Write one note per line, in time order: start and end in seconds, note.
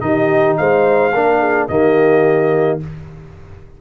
0.00 0.57 D#3
0.00 1.11 D#4
0.00 0.59 G4
0.00 0.56 D#5
0.57 1.13 G#3
0.57 1.13 C5
0.57 1.68 F5
1.13 1.68 A#3
1.13 1.69 D4
1.13 1.39 A#4
1.39 1.67 G#4
1.68 2.80 D#3
1.68 2.80 A#3
1.68 2.81 G4
1.68 2.79 D#5